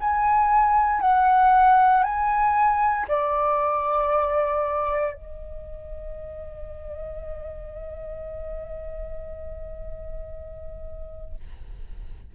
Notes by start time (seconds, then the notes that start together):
0.00 G#5
1.01 F#5
2.04 G#5
3.08 D5
5.14 D#5